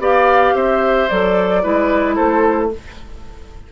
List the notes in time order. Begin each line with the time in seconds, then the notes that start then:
0.00 B3 G4 D5 F5
0.55 C4 C5 E5
1.09 F#3 A4 D5
1.63 G#3 E4 B4
2.16 A3 A4 C5